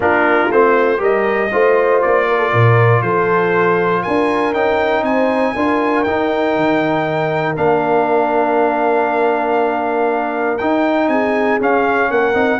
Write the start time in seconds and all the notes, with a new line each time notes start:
0.00 A#3 D4 F4 A#4
0.49 A3 C4 C5
0.97 G3 G4 A#4 D#5
1.52 A3 F4 C5
2.01 A#3 D5
2.28 A#4
2.38 A4
2.52 A#2 A#4
3.02 F3 A4 C5
4.02 D4 A#4 G#5
4.53 C#4 D#4 G5
5.02 C4 C5 G#5
5.54 D4 F4 A#4
6.03 D#4 G5
6.55 D#3
7.56 A#3 D4 F5
10.58 D#4 G5
11.08 C4 G#4 G#5
11.60 C#4 F5
12.10 A#3 A#4 F#5
12.34 C4 D#4